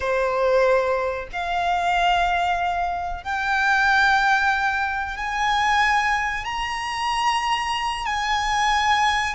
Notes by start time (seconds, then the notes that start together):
0.00 C5
1.32 F5
3.23 G5
5.16 G#5
6.45 A#5
8.06 G#5